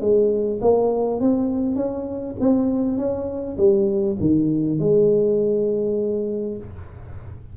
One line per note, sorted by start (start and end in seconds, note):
0.00 0.59 G#3
0.61 1.20 A#3
1.20 1.75 C4
1.75 2.35 C#4
2.40 2.97 C4
2.97 3.56 C#4
3.57 4.16 G3
4.20 4.79 D#3
4.79 6.57 G#3